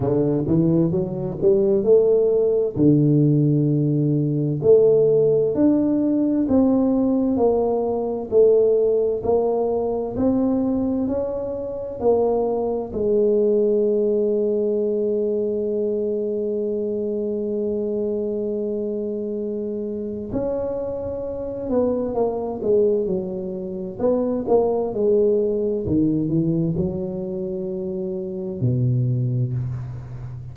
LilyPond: \new Staff \with { instrumentName = "tuba" } { \time 4/4 \tempo 4 = 65 d8 e8 fis8 g8 a4 d4~ | d4 a4 d'4 c'4 | ais4 a4 ais4 c'4 | cis'4 ais4 gis2~ |
gis1~ | gis2 cis'4. b8 | ais8 gis8 fis4 b8 ais8 gis4 | dis8 e8 fis2 b,4 | }